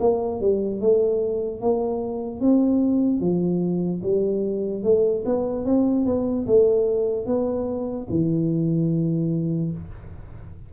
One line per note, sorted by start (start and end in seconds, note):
0.00 0.41 A#3
0.41 0.81 G3
0.81 1.61 A3
1.61 2.41 A#3
2.41 3.20 C4
3.20 4.01 F3
4.03 4.84 G3
4.84 5.24 A3
5.26 5.65 B3
5.65 6.06 C4
6.06 6.46 B3
6.46 7.26 A3
7.26 8.07 B3
8.10 9.72 E3